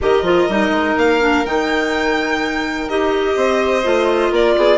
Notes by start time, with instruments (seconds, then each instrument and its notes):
0.01 bassoon D#3, clarinet G4, violin A#4 D#5
0.22 bassoon F3, clarinet F4
0.48 bassoon G3, clarinet D#4
0.70 bassoon G#3
0.97 bassoon A#3, violin F5
1.20 clarinet D4
1.45 bassoon D#3, clarinet D#4, violin G5
2.88 bassoon D#4, clarinet G4, violin D#5
3.35 bassoon C4, violin C5
3.83 bassoon A3, clarinet F4
4.31 bassoon A#3, violin A#4 D5
4.56 bassoon B3, violin G#4